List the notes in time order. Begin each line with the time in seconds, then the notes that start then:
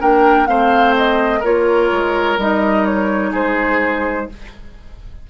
0.00 A#3 D4 A#4 G5
0.47 A3 C4 C5 F5
0.97 D#5
1.40 A#3 F4 A#4 C#5
1.92 G#3
2.38 G3 D#4 D#5
2.86 C#5
3.32 G#3 G#4 C5